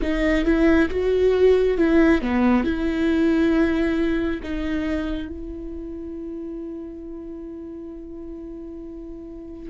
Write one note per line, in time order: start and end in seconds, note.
0.01 0.45 D#4
0.45 0.89 E4
0.89 1.77 F#4
1.77 2.21 E4
2.21 2.64 B3
2.64 4.40 E4
4.42 5.28 D#4
5.28 9.69 E4